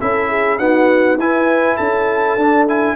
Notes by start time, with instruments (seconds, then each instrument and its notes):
0.00 tuba C#4, trombone E4, horn A4, trumpet E5
0.29 horn G#4
0.58 trombone B3, tuba D#4, horn F#4, trumpet F#5
1.17 tuba E4, trombone E4, horn B4, trumpet G#5
1.76 tuba C#4, horn A4, trumpet A5
2.36 tuba D4, trombone D4
2.68 trombone E4, trumpet G#5